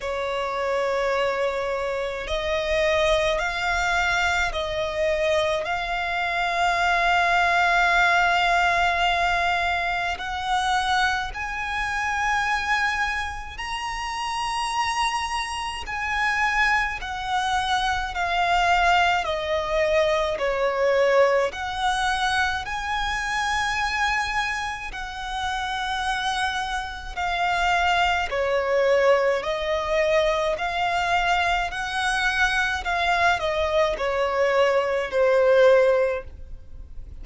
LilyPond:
\new Staff \with { instrumentName = "violin" } { \time 4/4 \tempo 4 = 53 cis''2 dis''4 f''4 | dis''4 f''2.~ | f''4 fis''4 gis''2 | ais''2 gis''4 fis''4 |
f''4 dis''4 cis''4 fis''4 | gis''2 fis''2 | f''4 cis''4 dis''4 f''4 | fis''4 f''8 dis''8 cis''4 c''4 | }